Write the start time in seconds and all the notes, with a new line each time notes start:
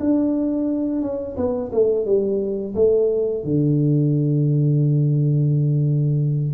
0.00 D4
1.02 C#4
1.37 B3
1.72 A3
2.05 G3
2.75 A3
3.44 D3